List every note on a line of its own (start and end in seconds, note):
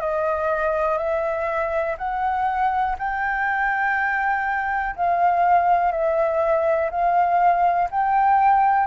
0.00 0.97 D#5
0.97 1.96 E5
1.98 2.96 F#5
2.99 4.95 G5
4.96 5.92 F5
5.92 6.90 E5
6.90 7.89 F5
7.90 8.87 G5